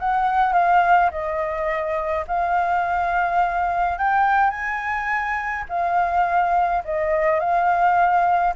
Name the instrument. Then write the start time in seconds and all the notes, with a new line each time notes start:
flute
0.00 F#5
0.54 F5
1.11 D#5
2.28 F5
3.99 G5
4.51 G#5
5.70 F5
6.85 D#5
7.41 F5